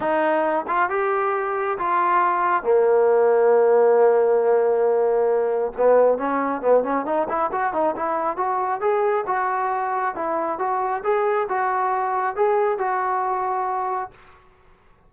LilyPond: \new Staff \with { instrumentName = "trombone" } { \time 4/4 \tempo 4 = 136 dis'4. f'8 g'2 | f'2 ais2~ | ais1~ | ais4 b4 cis'4 b8 cis'8 |
dis'8 e'8 fis'8 dis'8 e'4 fis'4 | gis'4 fis'2 e'4 | fis'4 gis'4 fis'2 | gis'4 fis'2. | }